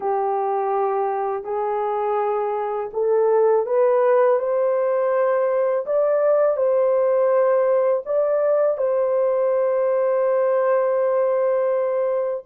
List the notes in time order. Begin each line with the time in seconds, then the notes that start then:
0.00 G4
1.43 G#4
2.93 A4
3.66 B4
4.39 C5
5.85 D5
6.56 C5
8.05 D5
8.77 C5